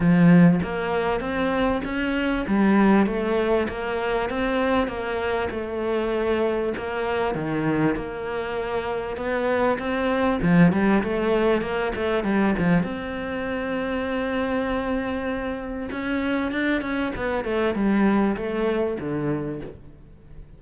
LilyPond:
\new Staff \with { instrumentName = "cello" } { \time 4/4 \tempo 4 = 98 f4 ais4 c'4 cis'4 | g4 a4 ais4 c'4 | ais4 a2 ais4 | dis4 ais2 b4 |
c'4 f8 g8 a4 ais8 a8 | g8 f8 c'2.~ | c'2 cis'4 d'8 cis'8 | b8 a8 g4 a4 d4 | }